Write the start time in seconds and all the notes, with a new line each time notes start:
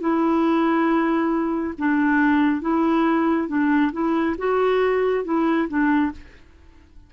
0.00 E4
1.78 D4
2.61 E4
3.48 D4
3.92 E4
4.38 F#4
5.24 E4
5.68 D4